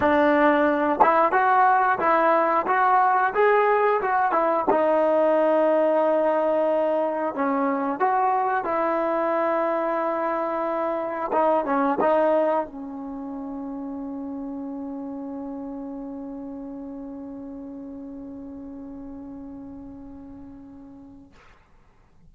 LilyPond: \new Staff \with { instrumentName = "trombone" } { \time 4/4 \tempo 4 = 90 d'4. e'8 fis'4 e'4 | fis'4 gis'4 fis'8 e'8 dis'4~ | dis'2. cis'4 | fis'4 e'2.~ |
e'4 dis'8 cis'8 dis'4 cis'4~ | cis'1~ | cis'1~ | cis'1 | }